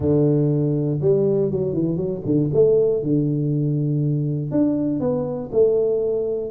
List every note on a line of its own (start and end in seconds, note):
0.00 0.99 D3
1.01 1.51 G3
1.51 1.72 F#3
1.72 1.96 E3
1.96 2.21 F#3
2.25 2.50 D3
2.53 3.02 A3
3.02 4.51 D3
4.51 5.00 D4
5.00 5.50 B3
5.51 6.50 A3